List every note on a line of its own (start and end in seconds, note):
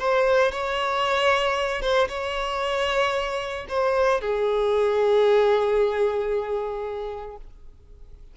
0.00 0.52 C5
0.52 1.82 C#5
1.82 2.08 C5
2.09 3.67 C#5
3.69 4.21 C5
4.21 7.37 G#4